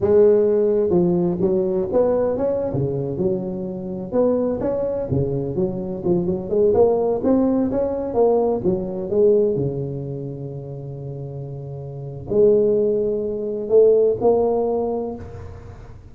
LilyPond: \new Staff \with { instrumentName = "tuba" } { \time 4/4 \tempo 4 = 127 gis2 f4 fis4 | b4 cis'8. cis4 fis4~ fis16~ | fis8. b4 cis'4 cis4 fis16~ | fis8. f8 fis8 gis8 ais4 c'8.~ |
c'16 cis'4 ais4 fis4 gis8.~ | gis16 cis2.~ cis8.~ | cis2 gis2~ | gis4 a4 ais2 | }